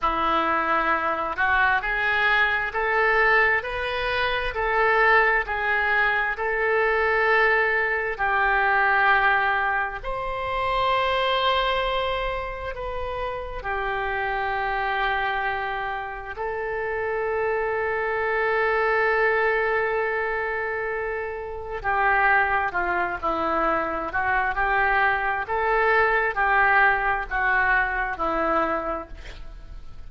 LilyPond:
\new Staff \with { instrumentName = "oboe" } { \time 4/4 \tempo 4 = 66 e'4. fis'8 gis'4 a'4 | b'4 a'4 gis'4 a'4~ | a'4 g'2 c''4~ | c''2 b'4 g'4~ |
g'2 a'2~ | a'1 | g'4 f'8 e'4 fis'8 g'4 | a'4 g'4 fis'4 e'4 | }